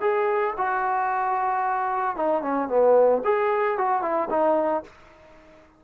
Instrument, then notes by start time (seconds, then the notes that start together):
trombone
0.00 G#4
0.57 F#4
2.16 D#4
2.42 C#4
2.68 B3
3.24 G#4
3.78 F#4
4.02 E4
4.30 D#4